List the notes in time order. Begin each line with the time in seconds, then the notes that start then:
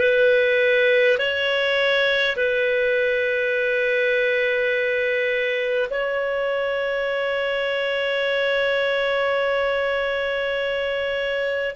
0.00 B4
1.18 C#5
2.36 B4
5.90 C#5